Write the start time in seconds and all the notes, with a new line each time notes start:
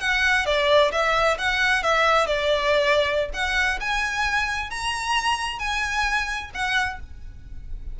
0.00 F#5
0.45 D5
0.92 E5
1.38 F#5
1.83 E5
2.27 D5
3.33 F#5
3.80 G#5
4.70 A#5
5.59 G#5
6.54 F#5